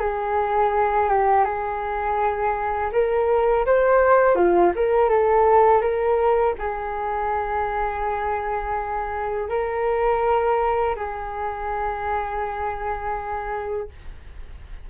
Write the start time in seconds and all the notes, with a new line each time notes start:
0.00 G#4
1.10 G4
1.45 G#4
2.92 A#4
3.66 C5
4.36 F4
4.76 A#4
5.10 A4
5.82 A#4
6.59 G#4
9.49 A#4
10.96 G#4